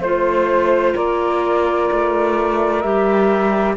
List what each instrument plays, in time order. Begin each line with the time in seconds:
0.00 cello A3, clarinet F4, saxophone C5, flute C5
0.95 cello A#3, saxophone A#4, flute D5
1.91 cello A3
2.81 cello G3, clarinet G4, flute E5